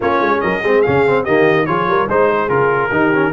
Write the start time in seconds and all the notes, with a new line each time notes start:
0.00 A#3 C#4 F4 C#5
0.20 G#3
0.40 F#3 A#4 D#5
0.61 G#3 C4 G#4
0.81 C#3 C#4 F5
1.06 C4
1.23 D#3 A#3 G4 D#5
1.66 F3 F4 G#4 C#5
1.87 G3 A#4
2.08 G#3 D#4 C5
2.28 G#4
2.48 C#3 F4 A#4
2.91 D#3 D#4 G4
3.13 C#4